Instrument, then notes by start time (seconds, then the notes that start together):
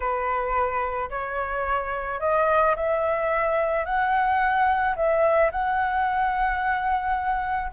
flute
0.00 B4
1.10 C#5
2.20 D#5
2.75 E5
3.85 F#5
4.95 E5
5.51 F#5